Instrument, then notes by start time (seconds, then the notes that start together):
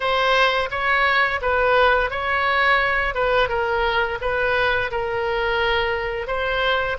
oboe
0.00 C5
0.70 C#5
1.41 B4
2.10 C#5
3.14 B4
3.49 A#4
4.21 B4
4.91 A#4
6.27 C5